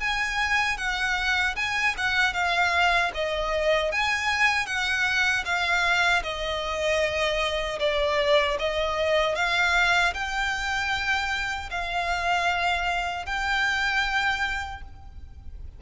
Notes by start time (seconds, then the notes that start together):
0.00 G#5
0.78 F#5
1.56 G#5
1.97 F#5
2.33 F5
3.14 D#5
3.92 G#5
4.66 F#5
5.45 F5
6.23 D#5
7.80 D5
8.59 D#5
9.35 F5
10.14 G5
11.71 F5
13.26 G5